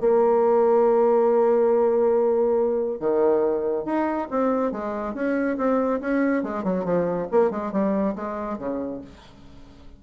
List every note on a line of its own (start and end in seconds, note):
0.00 2.99 A#3
2.99 3.85 D#3
3.85 4.27 D#4
4.30 4.71 C4
4.71 5.14 G#3
5.14 5.57 C#4
5.57 6.00 C4
6.00 6.43 C#4
6.43 6.63 G#3
6.63 6.84 F#3
6.84 7.27 F3
7.31 7.50 A#3
7.50 7.72 G#3
7.72 8.14 G3
8.15 8.58 G#3
8.58 9.01 C#3